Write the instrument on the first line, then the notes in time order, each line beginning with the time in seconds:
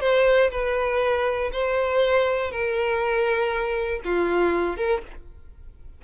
violin
0.00 C5
0.50 B4
1.52 C5
2.51 A#4
4.04 F4
4.77 A#4